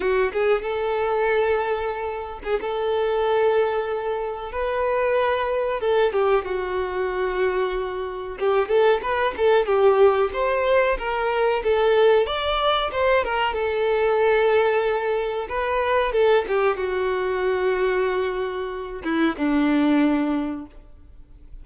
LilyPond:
\new Staff \with { instrumentName = "violin" } { \time 4/4 \tempo 4 = 93 fis'8 gis'8 a'2~ a'8. gis'16 | a'2. b'4~ | b'4 a'8 g'8 fis'2~ | fis'4 g'8 a'8 b'8 a'8 g'4 |
c''4 ais'4 a'4 d''4 | c''8 ais'8 a'2. | b'4 a'8 g'8 fis'2~ | fis'4. e'8 d'2 | }